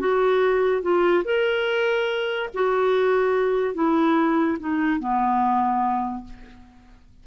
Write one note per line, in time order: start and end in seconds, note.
0.00 0.82 F#4
0.82 1.24 F4
1.24 2.49 A#4
2.54 3.75 F#4
3.75 4.58 E4
4.60 5.00 D#4
5.00 6.25 B3